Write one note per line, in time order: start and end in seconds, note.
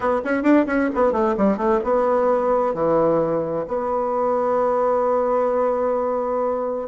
0.00 0.21 B3
0.24 0.42 C#4
0.42 0.65 D4
0.66 0.89 C#4
0.94 1.12 B3
1.12 1.35 A3
1.37 1.57 G3
1.57 1.80 A3
1.84 2.74 B3
2.74 3.65 E3
3.67 6.88 B3